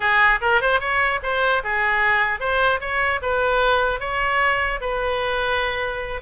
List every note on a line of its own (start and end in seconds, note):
0.00 0.39 G#4
0.41 0.61 A#4
0.61 0.80 C5
0.80 1.20 C#5
1.23 1.63 C5
1.63 2.40 G#4
2.40 2.80 C5
2.80 3.20 C#5
3.22 4.00 B4
4.00 4.80 C#5
4.80 6.20 B4